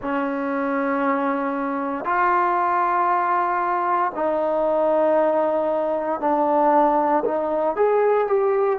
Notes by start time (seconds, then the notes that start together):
0.01 C#4
2.05 F4
4.14 D#4
6.20 D4
7.25 D#4
7.75 G#4
8.27 G4